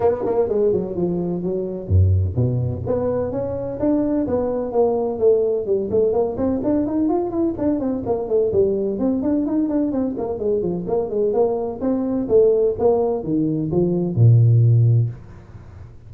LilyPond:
\new Staff \with { instrumentName = "tuba" } { \time 4/4 \tempo 4 = 127 b8 ais8 gis8 fis8 f4 fis4 | fis,4 b,4 b4 cis'4 | d'4 b4 ais4 a4 | g8 a8 ais8 c'8 d'8 dis'8 f'8 e'8 |
d'8 c'8 ais8 a8 g4 c'8 d'8 | dis'8 d'8 c'8 ais8 gis8 f8 ais8 gis8 | ais4 c'4 a4 ais4 | dis4 f4 ais,2 | }